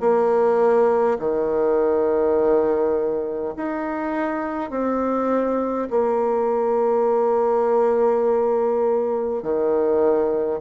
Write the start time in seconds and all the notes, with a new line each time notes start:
0.00 A#3
1.19 D#3
3.57 D#4
4.70 C4
5.90 A#3
9.42 D#3